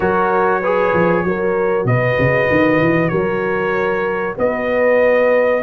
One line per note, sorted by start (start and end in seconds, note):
0.00 0.93 F#3
0.00 0.62 F#4
0.00 0.60 A#4
0.00 1.86 C#5
0.60 1.26 G#4
0.60 1.23 B4
0.93 1.23 F3
1.23 1.84 F#3
1.23 5.63 F#4
1.23 1.88 A#4
1.84 2.15 B2
1.84 3.11 B4
1.84 3.09 D#5
2.18 2.49 C#3
2.50 2.79 D#3
2.79 3.10 E3
3.09 4.37 F#3
3.09 4.36 A#4
3.09 4.34 C#5
4.38 5.63 B3
4.38 5.63 B4
4.38 5.63 D#5